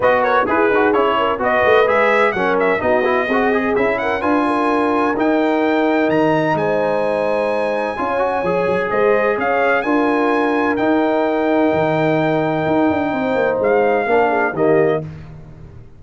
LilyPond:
<<
  \new Staff \with { instrumentName = "trumpet" } { \time 4/4 \tempo 4 = 128 dis''8 cis''8 b'4 cis''4 dis''4 | e''4 fis''8 e''8 dis''2 | e''8 fis''8 gis''2 g''4~ | g''4 ais''4 gis''2~ |
gis''2. dis''4 | f''4 gis''2 g''4~ | g''1~ | g''4 f''2 dis''4 | }
  \new Staff \with { instrumentName = "horn" } { \time 4/4 b'8 ais'8 gis'4. ais'8 b'4~ | b'4 ais'4 fis'4 gis'4~ | gis'8 ais'8 b'8 ais'2~ ais'8~ | ais'2 c''2~ |
c''4 cis''2 c''4 | cis''4 ais'2.~ | ais'1 | c''2 ais'8 gis'8 g'4 | }
  \new Staff \with { instrumentName = "trombone" } { \time 4/4 fis'4 gis'8 fis'8 e'4 fis'4 | gis'4 cis'4 dis'8 e'8 fis'8 gis'8 | e'4 f'2 dis'4~ | dis'1~ |
dis'4 f'8 fis'8 gis'2~ | gis'4 f'2 dis'4~ | dis'1~ | dis'2 d'4 ais4 | }
  \new Staff \with { instrumentName = "tuba" } { \time 4/4 b4 e'8 dis'8 cis'4 b8 a8 | gis4 fis4 b4 c'4 | cis'4 d'2 dis'4~ | dis'4 dis4 gis2~ |
gis4 cis'4 f8 fis8 gis4 | cis'4 d'2 dis'4~ | dis'4 dis2 dis'8 d'8 | c'8 ais8 gis4 ais4 dis4 | }
>>